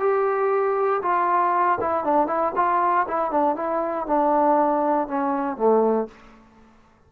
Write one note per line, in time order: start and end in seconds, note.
0.00 1.02 G4
1.02 1.79 F4
1.81 2.05 E4
2.05 2.27 D4
2.27 2.53 E4
2.56 3.07 F4
3.08 3.31 E4
3.31 3.56 D4
3.56 4.07 E4
4.07 5.08 D4
5.08 5.57 C#4
5.57 6.08 A3